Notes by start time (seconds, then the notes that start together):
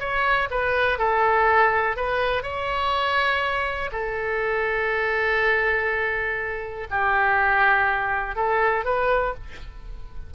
0.00 C#5
0.51 B4
0.99 A4
1.97 B4
2.43 C#5
3.93 A4
6.91 G4
8.36 A4
8.85 B4